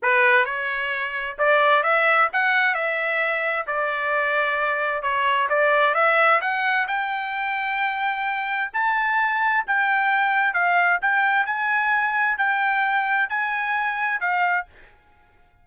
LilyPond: \new Staff \with { instrumentName = "trumpet" } { \time 4/4 \tempo 4 = 131 b'4 cis''2 d''4 | e''4 fis''4 e''2 | d''2. cis''4 | d''4 e''4 fis''4 g''4~ |
g''2. a''4~ | a''4 g''2 f''4 | g''4 gis''2 g''4~ | g''4 gis''2 f''4 | }